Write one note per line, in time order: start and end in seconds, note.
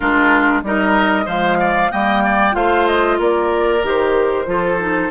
0.00 0.62 G#3
0.00 0.64 D4
0.00 0.61 F4
0.00 0.62 A#4
0.62 1.26 G3
0.62 1.24 D#4
0.62 1.25 A#4
0.62 1.28 D#5
1.24 1.90 F3
1.24 1.87 G#3
1.24 1.57 C5
1.24 1.91 F5
1.60 1.91 D5
1.91 2.54 G3
1.91 2.52 A#3
1.91 2.23 D#5
1.91 2.55 G5
2.24 2.55 D5
2.52 3.18 A3
2.52 3.79 F4
2.52 3.18 C5
2.52 2.87 F5
2.87 3.19 D#5
3.18 3.83 A#3
3.18 4.46 A#4
3.18 3.85 D5
3.83 4.46 D#3
3.83 4.46 G4
3.83 5.10 C5
4.46 5.10 F3
4.46 4.78 F4
4.46 5.10 A4
4.79 5.10 D#4